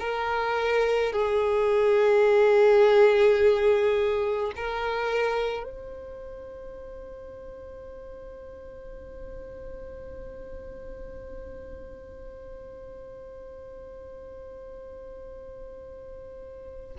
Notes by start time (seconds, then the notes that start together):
0.00 A#4
1.13 G#4
4.56 A#4
5.64 C5